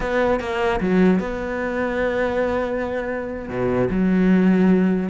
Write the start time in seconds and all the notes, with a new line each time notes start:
0.00 B3
0.39 A#3
0.80 F#3
1.19 B3
3.48 B2
3.90 F#3